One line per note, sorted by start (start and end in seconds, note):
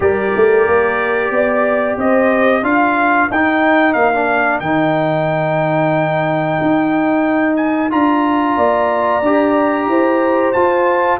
0.00 0.32 G3
0.00 2.63 G4
0.00 1.33 A#4
0.00 1.98 D5
0.35 0.67 A3
0.67 1.30 A#3
1.30 1.96 B3
1.30 1.99 D5
1.97 2.62 C4
1.97 2.63 C5
1.97 2.64 D#5
2.62 3.28 D4
2.62 3.29 F4
2.62 8.56 A#4
2.62 3.30 F5
3.30 3.95 D#4
3.30 4.13 D#4
3.30 3.93 G5
3.93 4.60 A#3
3.93 4.59 F5
4.13 4.62 D4
4.60 6.58 D#3
4.60 7.90 D#4
4.60 7.56 G5
6.61 7.93 D#4
7.56 7.89 G#5
7.90 8.57 D4
7.90 9.22 F4
7.90 10.52 A#5
8.56 9.21 A#3
8.56 9.88 D5
9.21 9.87 D4
9.21 10.55 G4
9.87 10.53 E4
9.87 11.19 C5
10.52 11.19 F4
10.52 11.18 A5